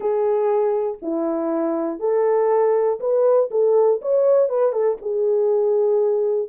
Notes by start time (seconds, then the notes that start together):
0.00 G#4
1.01 E4
1.99 A4
3.00 B4
3.50 A4
4.01 C#5
4.49 B4
4.72 A4
5.01 G#4